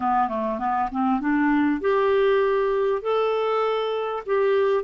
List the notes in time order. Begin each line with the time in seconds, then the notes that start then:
0.00 B3
0.28 A3
0.58 B3
0.91 C4
1.20 D4
1.80 G4
3.02 A4
4.26 G4